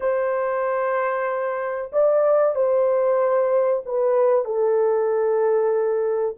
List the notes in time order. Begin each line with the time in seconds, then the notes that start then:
0.00 C5
1.92 D5
2.55 C5
3.85 B4
4.44 A4